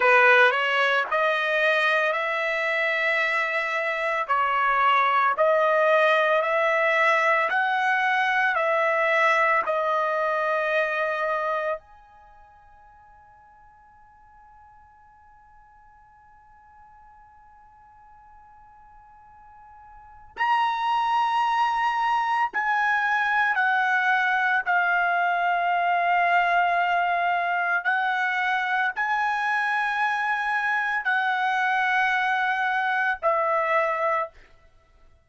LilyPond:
\new Staff \with { instrumentName = "trumpet" } { \time 4/4 \tempo 4 = 56 b'8 cis''8 dis''4 e''2 | cis''4 dis''4 e''4 fis''4 | e''4 dis''2 gis''4~ | gis''1~ |
gis''2. ais''4~ | ais''4 gis''4 fis''4 f''4~ | f''2 fis''4 gis''4~ | gis''4 fis''2 e''4 | }